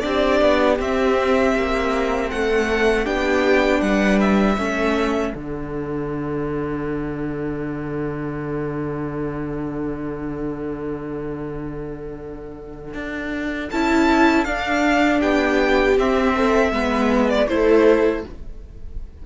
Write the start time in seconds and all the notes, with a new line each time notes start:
0.00 C4 D4 G4 D5
0.41 B3
0.79 C4 E5
1.55 A#3
2.29 A3 A4 F#5
3.04 B3 D4 G4 G5
3.81 G3 B4 F#5
4.21 E5
4.57 A3 C#4 A4
5.33 D3 D4 F#5
12.94 D4
13.71 C#4 E4 A5
14.44 D4 F5
15.20 B3 G4 G5
15.97 C4 E5
16.35 A4
16.72 G#3 B3 B4
17.29 D5
17.48 A3 E4 A4 C5